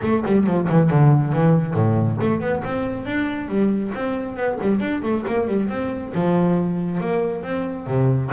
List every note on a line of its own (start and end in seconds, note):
0.02 0.24 A3
0.25 0.46 G3
0.46 0.68 F3
0.69 0.89 E3
0.89 1.33 D3
1.33 1.74 E3
1.74 2.17 A2
2.20 2.40 A3
2.40 2.62 B3
2.63 3.05 C4
3.05 3.48 D4
3.48 3.92 G3
3.94 4.36 C4
4.36 4.58 B3
4.61 4.80 G3
4.80 5.02 D4
5.02 5.24 A3
5.27 5.47 A#3
5.47 5.69 G3
5.69 6.12 C4
6.14 7.00 F3
7.00 7.43 A#3
7.43 7.87 C4
7.87 8.30 C3